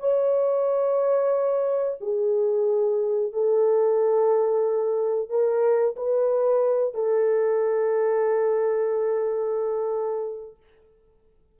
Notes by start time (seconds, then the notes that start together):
0.00 C#5
2.00 G#4
3.33 A4
5.30 A#4
5.96 B4
6.94 A4